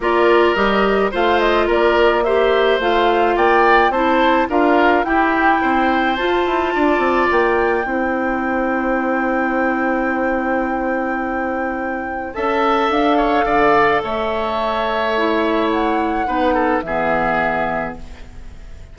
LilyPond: <<
  \new Staff \with { instrumentName = "flute" } { \time 4/4 \tempo 4 = 107 d''4 dis''4 f''8 dis''8 d''4 | e''4 f''4 g''4 a''4 | f''4 g''2 a''4~ | a''4 g''2.~ |
g''1~ | g''2 a''4 f''4~ | f''4 e''2. | fis''2 e''2 | }
  \new Staff \with { instrumentName = "oboe" } { \time 4/4 ais'2 c''4 ais'4 | c''2 d''4 c''4 | ais'4 g'4 c''2 | d''2 c''2~ |
c''1~ | c''2 e''4. cis''8 | d''4 cis''2.~ | cis''4 b'8 a'8 gis'2 | }
  \new Staff \with { instrumentName = "clarinet" } { \time 4/4 f'4 g'4 f'2 | g'4 f'2 e'4 | f'4 e'2 f'4~ | f'2 e'2~ |
e'1~ | e'2 a'2~ | a'2. e'4~ | e'4 dis'4 b2 | }
  \new Staff \with { instrumentName = "bassoon" } { \time 4/4 ais4 g4 a4 ais4~ | ais4 a4 ais4 c'4 | d'4 e'4 c'4 f'8 e'8 | d'8 c'8 ais4 c'2~ |
c'1~ | c'2 cis'4 d'4 | d4 a2.~ | a4 b4 e2 | }
>>